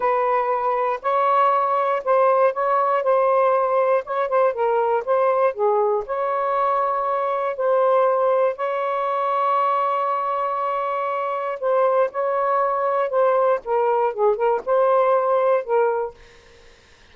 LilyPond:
\new Staff \with { instrumentName = "saxophone" } { \time 4/4 \tempo 4 = 119 b'2 cis''2 | c''4 cis''4 c''2 | cis''8 c''8 ais'4 c''4 gis'4 | cis''2. c''4~ |
c''4 cis''2.~ | cis''2. c''4 | cis''2 c''4 ais'4 | gis'8 ais'8 c''2 ais'4 | }